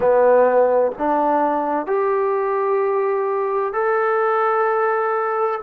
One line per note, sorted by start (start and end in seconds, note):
0.00 0.92 B3
0.98 1.86 D4
1.86 3.73 G4
3.73 5.60 A4